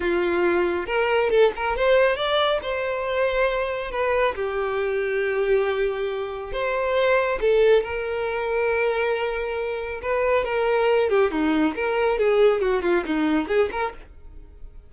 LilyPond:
\new Staff \with { instrumentName = "violin" } { \time 4/4 \tempo 4 = 138 f'2 ais'4 a'8 ais'8 | c''4 d''4 c''2~ | c''4 b'4 g'2~ | g'2. c''4~ |
c''4 a'4 ais'2~ | ais'2. b'4 | ais'4. g'8 dis'4 ais'4 | gis'4 fis'8 f'8 dis'4 gis'8 ais'8 | }